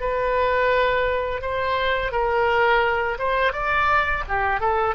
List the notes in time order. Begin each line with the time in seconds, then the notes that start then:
0.00 B4
1.41 C5
2.12 A#4
3.18 C5
3.53 D5
4.28 G4
4.60 A4